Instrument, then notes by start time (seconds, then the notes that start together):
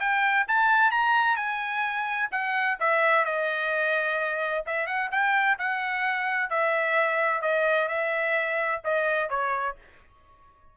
trumpet
0.00 G5
0.48 A5
0.91 A#5
1.36 G#5
2.32 F#5
2.80 E5
3.25 D#5
4.67 E5
4.87 F#5
5.12 G5
5.59 F#5
6.50 E5
7.42 D#5
7.89 E5
8.84 D#5
9.30 C#5